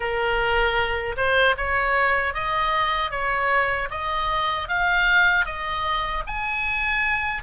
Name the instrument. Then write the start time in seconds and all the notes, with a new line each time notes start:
oboe
0.00 A#4
1.16 C5
1.57 C#5
2.34 D#5
3.11 C#5
3.90 D#5
4.68 F5
5.45 D#5
6.27 G#5